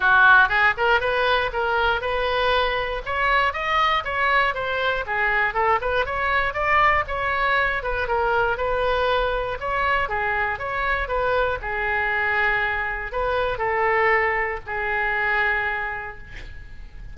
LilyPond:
\new Staff \with { instrumentName = "oboe" } { \time 4/4 \tempo 4 = 119 fis'4 gis'8 ais'8 b'4 ais'4 | b'2 cis''4 dis''4 | cis''4 c''4 gis'4 a'8 b'8 | cis''4 d''4 cis''4. b'8 |
ais'4 b'2 cis''4 | gis'4 cis''4 b'4 gis'4~ | gis'2 b'4 a'4~ | a'4 gis'2. | }